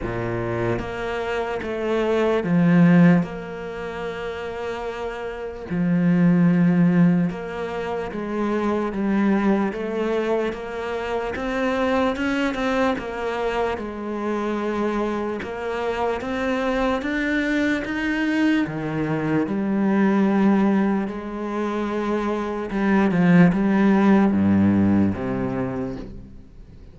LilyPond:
\new Staff \with { instrumentName = "cello" } { \time 4/4 \tempo 4 = 74 ais,4 ais4 a4 f4 | ais2. f4~ | f4 ais4 gis4 g4 | a4 ais4 c'4 cis'8 c'8 |
ais4 gis2 ais4 | c'4 d'4 dis'4 dis4 | g2 gis2 | g8 f8 g4 g,4 c4 | }